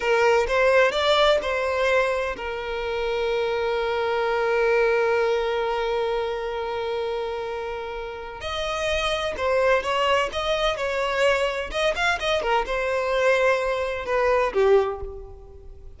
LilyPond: \new Staff \with { instrumentName = "violin" } { \time 4/4 \tempo 4 = 128 ais'4 c''4 d''4 c''4~ | c''4 ais'2.~ | ais'1~ | ais'1~ |
ais'2 dis''2 | c''4 cis''4 dis''4 cis''4~ | cis''4 dis''8 f''8 dis''8 ais'8 c''4~ | c''2 b'4 g'4 | }